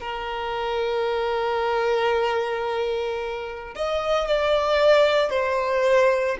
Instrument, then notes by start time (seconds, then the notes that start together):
violin
0.00 A#4
3.75 D#5
4.27 D5
5.30 C5